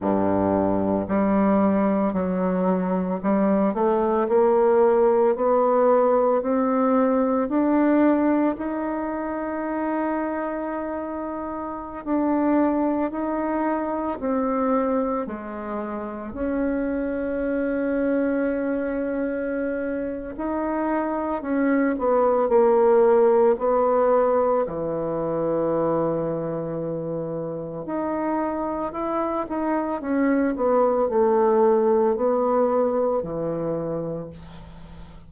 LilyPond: \new Staff \with { instrumentName = "bassoon" } { \time 4/4 \tempo 4 = 56 g,4 g4 fis4 g8 a8 | ais4 b4 c'4 d'4 | dis'2.~ dis'16 d'8.~ | d'16 dis'4 c'4 gis4 cis'8.~ |
cis'2. dis'4 | cis'8 b8 ais4 b4 e4~ | e2 dis'4 e'8 dis'8 | cis'8 b8 a4 b4 e4 | }